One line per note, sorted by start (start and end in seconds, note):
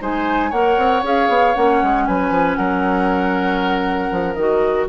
0.00 0.52 G#3
0.00 0.51 D#4
0.00 0.50 C5
0.00 0.52 G#5
0.50 0.77 A#3
0.50 1.03 A#4
0.50 2.04 C#5
0.50 1.03 F#5
0.77 1.03 C4
1.03 1.29 C#4
1.03 1.54 G#4
1.03 1.55 F5
1.29 1.54 B3
1.54 1.82 A#3
1.54 4.36 C#4
1.54 2.06 F#5
1.83 2.08 G#3
2.06 2.30 F#3
2.06 2.57 B4
2.06 2.56 G#5
2.30 2.56 F3
2.56 4.11 F#3
2.56 4.88 A#4
2.56 4.34 F#5
4.11 4.35 F3
4.34 4.87 D#3
4.34 4.88 F#4
4.34 4.86 D#5